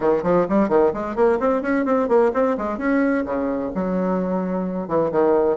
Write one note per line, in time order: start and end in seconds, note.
0.00 0.23 D#3
0.23 0.46 F3
0.48 0.68 G3
0.68 0.92 D#3
0.93 1.15 G#3
1.15 1.38 A#3
1.39 1.62 C4
1.62 1.85 C#4
1.85 2.08 C4
2.08 2.31 A#3
2.33 2.56 C4
2.57 2.78 G#3
2.78 3.24 C#4
3.25 3.71 C#3
3.74 4.87 F#3
4.87 5.11 E3
5.11 5.57 D#3